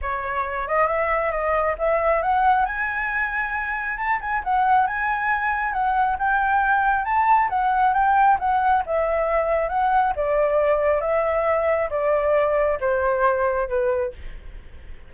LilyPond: \new Staff \with { instrumentName = "flute" } { \time 4/4 \tempo 4 = 136 cis''4. dis''8 e''4 dis''4 | e''4 fis''4 gis''2~ | gis''4 a''8 gis''8 fis''4 gis''4~ | gis''4 fis''4 g''2 |
a''4 fis''4 g''4 fis''4 | e''2 fis''4 d''4~ | d''4 e''2 d''4~ | d''4 c''2 b'4 | }